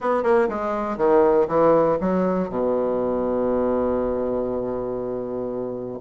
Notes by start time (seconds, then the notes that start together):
0.00 B3
0.22 A#3
0.48 G#3
0.97 D#3
1.47 E3
2.00 F#3
2.49 B2